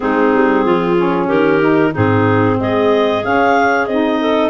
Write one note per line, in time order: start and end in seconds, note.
0.00 0.34 G#3
0.00 0.96 C4
0.00 0.64 D#4
0.00 1.28 G#4
0.34 0.65 G3
0.64 1.29 F3
0.64 1.26 F4
0.97 1.61 C#4
1.26 1.94 D#3
1.26 1.91 G4
1.26 1.93 A#4
1.61 1.93 D#4
1.91 2.59 G#2
1.91 3.22 C4
1.91 2.56 D#4
1.91 2.59 G#4
2.59 3.24 G#3
2.59 4.20 G#4
2.59 3.24 D#5
3.23 3.88 C#4
3.23 3.87 C#4
3.23 3.86 F5
3.86 4.49 C4
3.86 4.49 D#4
3.86 4.49 D#5
4.20 4.49 A4